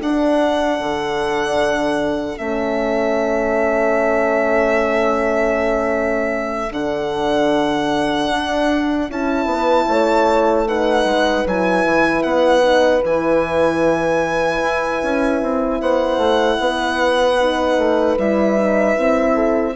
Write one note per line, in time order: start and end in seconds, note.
0.00 0.79 D4
0.00 2.37 D4
0.00 9.48 A4
0.00 2.37 F#5
0.79 2.37 D3
2.37 6.70 A3
2.37 6.71 C#4
2.37 6.72 E5
6.70 8.28 D3
6.70 9.09 D4
6.70 9.10 F#5
8.31 9.09 D4
9.09 9.45 C#4
9.09 10.67 E4
9.09 10.67 A5
9.45 9.85 B3
9.45 9.88 B4
9.88 11.04 A3
9.88 10.67 C#5
10.67 11.46 D#4
10.67 15.80 B4
10.67 11.46 F#5
11.04 11.44 G#3
11.45 11.85 F#3
11.45 12.61 E4
11.45 12.22 G#5
11.85 12.23 E3
12.22 13.02 B3
12.22 13.01 F#5
12.61 13.01 D#4
13.03 14.61 E3
13.03 17.38 E4
13.03 15.81 G#5
14.62 15.01 E4
15.03 15.41 C#4
15.41 15.80 C4
15.80 16.17 B3
15.80 16.59 C5
15.80 18.18 F#5
16.17 16.56 A3
16.59 17.77 B3
16.59 19.34 B4
17.40 18.18 D#4
17.77 18.16 A3
18.17 18.96 G3
18.17 18.56 E4
18.17 19.75 E5
18.56 18.95 D#4
18.95 19.75 C4
18.95 19.74 E4
19.34 19.73 A4